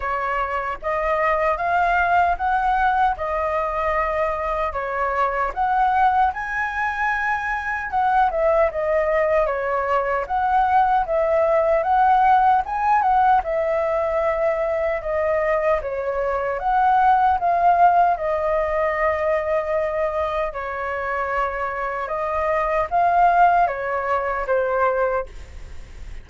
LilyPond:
\new Staff \with { instrumentName = "flute" } { \time 4/4 \tempo 4 = 76 cis''4 dis''4 f''4 fis''4 | dis''2 cis''4 fis''4 | gis''2 fis''8 e''8 dis''4 | cis''4 fis''4 e''4 fis''4 |
gis''8 fis''8 e''2 dis''4 | cis''4 fis''4 f''4 dis''4~ | dis''2 cis''2 | dis''4 f''4 cis''4 c''4 | }